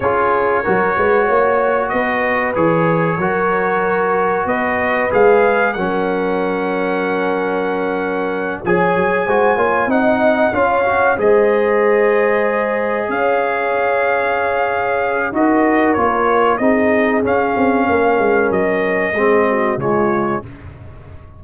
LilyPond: <<
  \new Staff \with { instrumentName = "trumpet" } { \time 4/4 \tempo 4 = 94 cis''2. dis''4 | cis''2. dis''4 | f''4 fis''2.~ | fis''4. gis''2 fis''8~ |
fis''8 f''4 dis''2~ dis''8~ | dis''8 f''2.~ f''8 | dis''4 cis''4 dis''4 f''4~ | f''4 dis''2 cis''4 | }
  \new Staff \with { instrumentName = "horn" } { \time 4/4 gis'4 ais'8 b'8 cis''4 b'4~ | b'4 ais'2 b'4~ | b'4 ais'2.~ | ais'4. cis''4 c''8 cis''8 dis''8~ |
dis''8 cis''4 c''2~ c''8~ | c''8 cis''2.~ cis''8 | ais'2 gis'2 | ais'2 gis'8 fis'8 f'4 | }
  \new Staff \with { instrumentName = "trombone" } { \time 4/4 f'4 fis'2. | gis'4 fis'2. | gis'4 cis'2.~ | cis'4. gis'4 fis'8 f'8 dis'8~ |
dis'8 f'8 fis'8 gis'2~ gis'8~ | gis'1 | fis'4 f'4 dis'4 cis'4~ | cis'2 c'4 gis4 | }
  \new Staff \with { instrumentName = "tuba" } { \time 4/4 cis'4 fis8 gis8 ais4 b4 | e4 fis2 b4 | gis4 fis2.~ | fis4. f8 fis8 gis8 ais8 c'8~ |
c'8 cis'4 gis2~ gis8~ | gis8 cis'2.~ cis'8 | dis'4 ais4 c'4 cis'8 c'8 | ais8 gis8 fis4 gis4 cis4 | }
>>